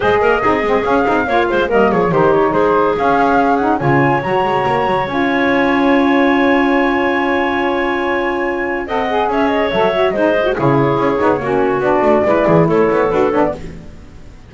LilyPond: <<
  \new Staff \with { instrumentName = "flute" } { \time 4/4 \tempo 4 = 142 dis''2 f''2 | dis''8 cis''8 c''8 cis''8 c''4 f''4~ | f''8 fis''8 gis''4 ais''2 | gis''1~ |
gis''1~ | gis''4 fis''4 e''8 dis''8 e''4 | dis''4 cis''2. | d''2 cis''4 b'8 cis''16 d''16 | }
  \new Staff \with { instrumentName = "clarinet" } { \time 4/4 c''8 ais'8 gis'2 cis''8 c''8 | ais'8 gis'8 g'4 gis'2~ | gis'4 cis''2.~ | cis''1~ |
cis''1~ | cis''4 dis''4 cis''2 | c''4 gis'2 fis'4~ | fis'4 b'8 gis'8 a'2 | }
  \new Staff \with { instrumentName = "saxophone" } { \time 4/4 gis'4 dis'8 c'8 cis'8 dis'8 f'4 | ais4 dis'2 cis'4~ | cis'8 dis'8 f'4 fis'2 | f'1~ |
f'1~ | f'4 a'8 gis'4. a'8 fis'8 | dis'8 e'16 fis'16 e'4. dis'8 cis'4 | d'4 e'2 fis'8 d'8 | }
  \new Staff \with { instrumentName = "double bass" } { \time 4/4 gis8 ais8 c'8 gis8 cis'8 c'8 ais8 gis8 | g8 f8 dis4 gis4 cis'4~ | cis'4 cis4 fis8 gis8 ais8 fis8 | cis'1~ |
cis'1~ | cis'4 c'4 cis'4 fis4 | gis4 cis4 cis'8 b8 ais4 | b8 a8 gis8 e8 a8 b8 d'8 b8 | }
>>